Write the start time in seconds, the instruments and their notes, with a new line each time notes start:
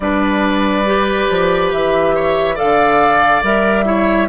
0.00 bassoon G3, clarinet D4, oboe B4, flute D5
0.86 clarinet G4
1.29 bassoon F3
1.72 bassoon E3, flute E5
2.15 oboe C#5
2.55 bassoon D3, clarinet A4, oboe D5, flute F5
3.42 bassoon G3, clarinet A#4, flute E5
3.85 clarinet E4, oboe C#5